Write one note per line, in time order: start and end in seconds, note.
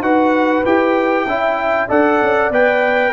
0.00 0.62 D#4
0.00 0.64 F#4
0.00 1.27 B4
0.00 0.64 F#5
0.65 1.26 E4
0.65 1.27 G4
0.65 1.89 G5
1.26 1.88 C#4
1.26 1.89 E4
1.26 1.89 E5
1.89 2.21 D4
1.89 2.51 A4
1.89 3.12 D5
1.89 2.52 F#5
2.22 2.50 C#4
2.50 3.12 B3
2.50 3.13 B4
2.50 3.13 G5